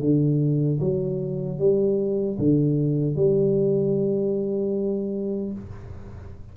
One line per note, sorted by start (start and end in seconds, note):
0.00 0.79 D3
0.80 1.59 F#3
1.59 2.38 G3
2.38 3.16 D3
3.16 5.53 G3